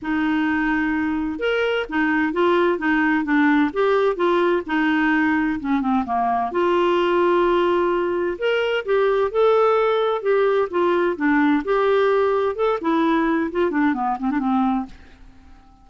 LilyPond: \new Staff \with { instrumentName = "clarinet" } { \time 4/4 \tempo 4 = 129 dis'2. ais'4 | dis'4 f'4 dis'4 d'4 | g'4 f'4 dis'2 | cis'8 c'8 ais4 f'2~ |
f'2 ais'4 g'4 | a'2 g'4 f'4 | d'4 g'2 a'8 e'8~ | e'4 f'8 d'8 b8 c'16 d'16 c'4 | }